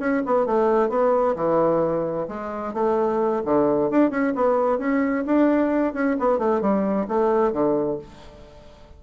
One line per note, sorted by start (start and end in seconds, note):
0.00 0.23 C#4
0.26 0.46 B3
0.46 0.90 A3
0.90 1.36 B3
1.36 2.28 E3
2.28 2.74 G#3
2.74 3.43 A3
3.45 3.91 D3
3.91 4.11 D4
4.11 4.34 C#4
4.36 4.79 B3
4.79 5.25 C#4
5.27 5.94 D4
5.94 6.17 C#4
6.20 6.39 B3
6.39 6.61 A3
6.61 7.07 G3
7.08 7.53 A3
7.53 7.99 D3